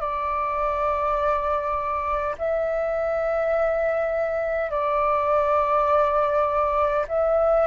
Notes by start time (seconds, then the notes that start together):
0.00 D5
2.37 E5
4.70 D5
7.07 E5